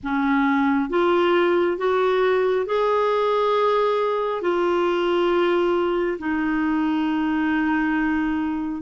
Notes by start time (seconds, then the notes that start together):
0.03 C#4
0.89 F4
1.77 F#4
2.66 G#4
4.41 F4
6.18 D#4